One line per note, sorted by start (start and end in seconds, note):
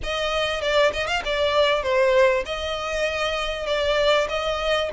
0.03 0.61 D#5
0.61 0.91 D5
0.93 1.07 D#5
1.07 1.22 F5
1.24 1.82 D5
1.82 2.44 C5
2.45 3.66 D#5
3.66 4.27 D5
4.28 4.90 D#5